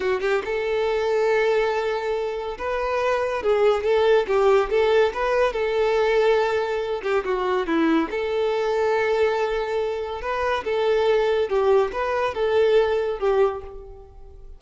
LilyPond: \new Staff \with { instrumentName = "violin" } { \time 4/4 \tempo 4 = 141 fis'8 g'8 a'2.~ | a'2 b'2 | gis'4 a'4 g'4 a'4 | b'4 a'2.~ |
a'8 g'8 fis'4 e'4 a'4~ | a'1 | b'4 a'2 g'4 | b'4 a'2 g'4 | }